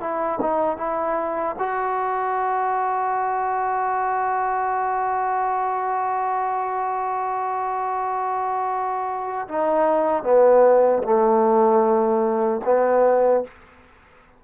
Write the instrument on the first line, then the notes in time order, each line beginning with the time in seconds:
trombone
0.00 E4
0.41 D#4
0.77 E4
1.59 F#4
9.48 D#4
10.23 B3
11.03 A3
12.65 B3